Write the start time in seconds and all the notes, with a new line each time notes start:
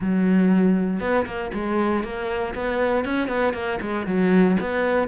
0.00 F#3
1.00 B3
1.26 A#3
1.53 G#3
2.03 A#3
2.54 B3
3.04 C#4
3.28 B3
3.53 A#3
3.81 G#3
4.06 F#3
4.59 B3